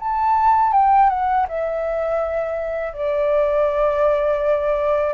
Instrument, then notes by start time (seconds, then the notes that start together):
flute
0.00 A5
0.73 G5
1.10 F#5
1.49 E5
2.94 D5